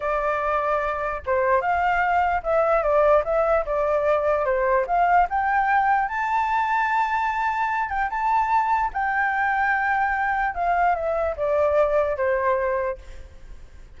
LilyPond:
\new Staff \with { instrumentName = "flute" } { \time 4/4 \tempo 4 = 148 d''2. c''4 | f''2 e''4 d''4 | e''4 d''2 c''4 | f''4 g''2 a''4~ |
a''2.~ a''8 g''8 | a''2 g''2~ | g''2 f''4 e''4 | d''2 c''2 | }